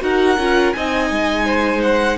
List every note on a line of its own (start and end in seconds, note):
0.00 0.37 D#4
0.00 0.36 F#4
0.00 0.76 A#4
0.00 0.73 F#5
0.37 0.73 C#4
0.37 0.75 F4
0.73 1.11 C4
0.73 2.18 D#4
0.73 1.45 D#5
0.73 1.81 G#5
1.11 2.18 G#3
1.45 2.17 C5
1.82 2.18 F#5